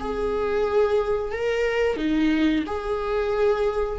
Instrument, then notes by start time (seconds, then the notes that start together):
viola
0.00 G#4
1.32 A#4
1.97 D#4
2.67 G#4